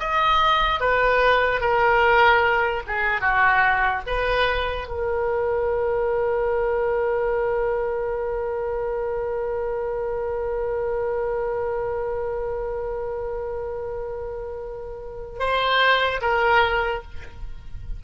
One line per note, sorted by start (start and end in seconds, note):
0.00 0.81 D#5
0.81 1.61 B4
1.61 2.83 A#4
2.87 3.21 G#4
3.21 4.02 F#4
4.07 4.88 B4
4.88 15.40 A#4
15.40 16.21 C5
16.22 17.03 A#4